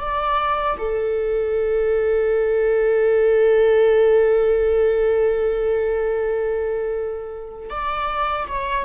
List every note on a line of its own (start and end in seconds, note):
0.00 0.77 D5
0.79 7.70 A4
7.70 8.47 D5
8.48 8.85 C#5